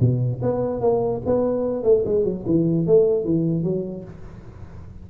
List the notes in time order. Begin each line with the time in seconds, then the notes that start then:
0.00 B2
0.42 B3
0.80 A#3
1.26 B3
1.83 A3
2.05 G#3
2.24 F#3
2.46 E3
2.86 A3
3.24 E3
3.63 F#3